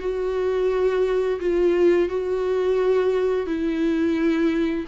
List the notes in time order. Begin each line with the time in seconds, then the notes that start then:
0.00 F#4
1.40 F4
2.09 F#4
3.46 E4